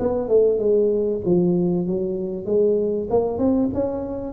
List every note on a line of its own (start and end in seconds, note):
0.00 0.28 B3
0.28 0.59 A3
0.59 1.22 G#3
1.25 1.87 F3
1.87 2.46 F#3
2.46 3.08 G#3
3.11 3.39 A#3
3.39 3.70 C4
3.74 4.33 C#4